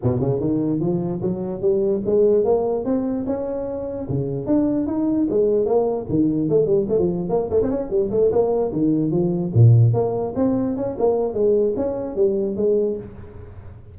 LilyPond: \new Staff \with { instrumentName = "tuba" } { \time 4/4 \tempo 4 = 148 b,8 cis8 dis4 f4 fis4 | g4 gis4 ais4 c'4 | cis'2 cis4 d'4 | dis'4 gis4 ais4 dis4 |
a8 g8 a16 f8. ais8 a16 c'16 cis'8 g8 | a8 ais4 dis4 f4 ais,8~ | ais,8 ais4 c'4 cis'8 ais4 | gis4 cis'4 g4 gis4 | }